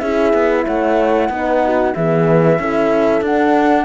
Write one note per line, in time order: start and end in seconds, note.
0.00 0.34 C#4
0.00 1.31 E4
0.00 0.65 G#4
0.00 0.65 E5
0.34 0.66 B3
0.65 1.30 A3
0.65 1.30 C#5
0.65 1.95 F#5
1.30 1.94 B3
1.30 1.96 D#4
1.30 1.63 B4
1.65 1.95 F#4
1.95 2.60 E3
1.95 2.60 B3
1.95 2.60 G#4
1.95 3.24 E5
2.60 3.21 C#4
2.60 3.24 E4
2.60 3.85 A4
3.21 3.85 D4
3.21 3.85 F#5